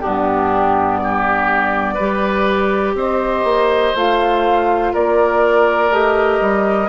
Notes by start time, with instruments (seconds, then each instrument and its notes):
0.00 bassoon G2, clarinet B3, oboe D4, flute G4
0.98 oboe G4, flute D5
1.94 bassoon G3, clarinet G4, oboe B4
2.94 bassoon C4, oboe C5, flute D#5
3.44 bassoon A#3
3.95 bassoon A3, clarinet F4, flute F5
4.93 bassoon A#3, oboe A#4, flute D5
5.90 bassoon A3, clarinet G4, flute D#5
6.40 bassoon G3